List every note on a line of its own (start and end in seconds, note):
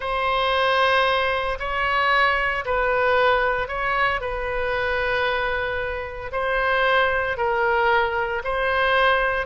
0.00 1.58 C5
1.59 2.64 C#5
2.65 3.68 B4
3.68 4.20 C#5
4.20 6.31 B4
6.32 7.37 C5
7.37 8.42 A#4
8.43 9.46 C5